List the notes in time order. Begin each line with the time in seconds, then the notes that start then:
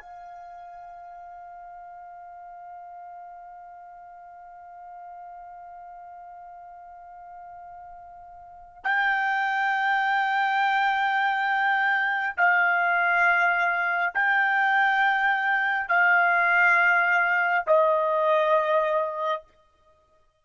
0.00 F5
8.84 G5
12.37 F5
14.14 G5
15.88 F5
17.67 D#5